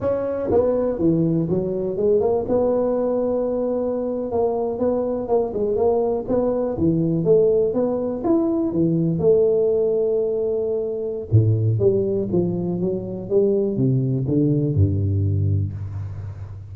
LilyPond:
\new Staff \with { instrumentName = "tuba" } { \time 4/4 \tempo 4 = 122 cis'4 b4 e4 fis4 | gis8 ais8 b2.~ | b8. ais4 b4 ais8 gis8 ais16~ | ais8. b4 e4 a4 b16~ |
b8. e'4 e4 a4~ a16~ | a2. a,4 | g4 f4 fis4 g4 | c4 d4 g,2 | }